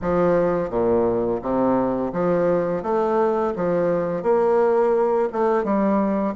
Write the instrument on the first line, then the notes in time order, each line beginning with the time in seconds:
bassoon
0.01 F3
0.70 A#2
1.41 C3
2.12 F3
2.82 A3
3.56 F3
4.22 A#3
5.32 A3
5.63 G3